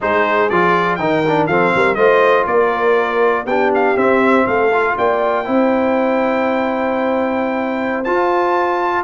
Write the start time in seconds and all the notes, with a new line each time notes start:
0.00 G#3 D#4 G#4 C5
0.49 F3 F4 D5
0.96 D#3 D#4 A#4 G5
1.27 D4
1.46 F3 C4 A4 F5
1.74 G3 A#4
1.94 A3 F4 C5 D#5
2.46 A#3 A#4 D5
3.45 B3 D4 G4 G5
3.74 F5
3.96 C4 E5
4.46 A3 A4 F5
4.72 F4
4.97 A#3 D5 G5
5.44 C4 E4 C5
8.04 F4 A5